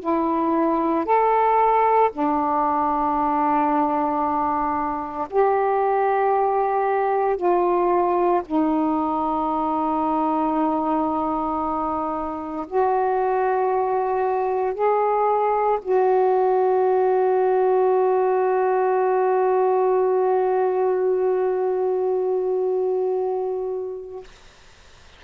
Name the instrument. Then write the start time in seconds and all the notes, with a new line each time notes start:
saxophone
0.00 E4
1.05 A4
2.12 D4
5.30 G4
7.37 F4
8.45 D#4
12.67 F#4
14.74 G#4
15.82 F#4